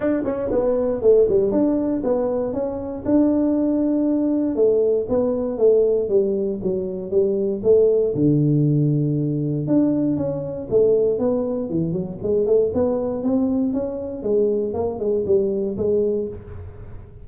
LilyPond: \new Staff \with { instrumentName = "tuba" } { \time 4/4 \tempo 4 = 118 d'8 cis'8 b4 a8 g8 d'4 | b4 cis'4 d'2~ | d'4 a4 b4 a4 | g4 fis4 g4 a4 |
d2. d'4 | cis'4 a4 b4 e8 fis8 | gis8 a8 b4 c'4 cis'4 | gis4 ais8 gis8 g4 gis4 | }